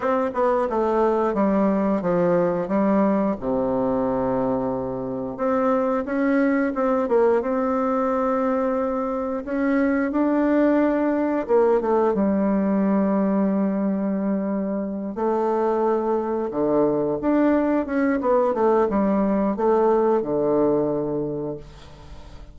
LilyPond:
\new Staff \with { instrumentName = "bassoon" } { \time 4/4 \tempo 4 = 89 c'8 b8 a4 g4 f4 | g4 c2. | c'4 cis'4 c'8 ais8 c'4~ | c'2 cis'4 d'4~ |
d'4 ais8 a8 g2~ | g2~ g8 a4.~ | a8 d4 d'4 cis'8 b8 a8 | g4 a4 d2 | }